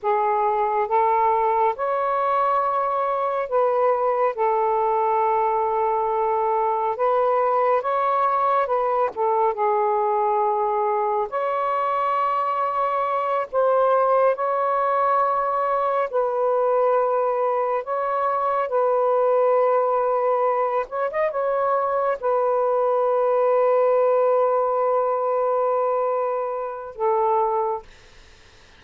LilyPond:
\new Staff \with { instrumentName = "saxophone" } { \time 4/4 \tempo 4 = 69 gis'4 a'4 cis''2 | b'4 a'2. | b'4 cis''4 b'8 a'8 gis'4~ | gis'4 cis''2~ cis''8 c''8~ |
c''8 cis''2 b'4.~ | b'8 cis''4 b'2~ b'8 | cis''16 dis''16 cis''4 b'2~ b'8~ | b'2. a'4 | }